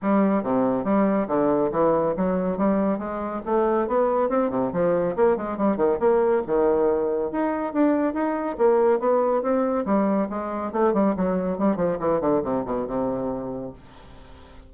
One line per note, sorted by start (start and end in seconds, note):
0.01 0.43 G3
0.43 0.84 C3
0.84 1.27 G3
1.27 1.70 D3
1.71 2.14 E3
2.16 2.57 F#3
2.57 2.98 G3
2.98 3.41 G#3
3.45 3.87 A3
3.87 4.29 B3
4.29 4.50 C4
4.50 4.71 C3
4.72 5.15 F3
5.15 5.36 A#3
5.36 5.57 G#3
5.57 5.76 G3
5.76 5.98 D#3
5.99 6.42 A#3
6.46 7.31 D#3
7.31 7.73 D#4
7.73 8.13 D4
8.13 8.56 D#4
8.58 8.99 A#3
8.99 9.42 B3
9.42 9.85 C4
9.85 10.28 G3
10.29 10.72 G#3
10.72 10.93 A3
10.93 11.15 G3
11.16 11.58 F#3
11.58 11.76 G3
11.76 11.97 F3
11.99 12.20 E3
12.20 12.42 D3
12.43 12.64 C3
12.65 12.87 B2
12.87 13.72 C3